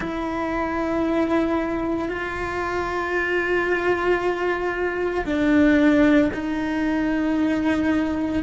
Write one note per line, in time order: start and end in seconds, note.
0.00 2.09 E4
2.09 5.24 F4
5.25 6.30 D4
6.33 8.43 D#4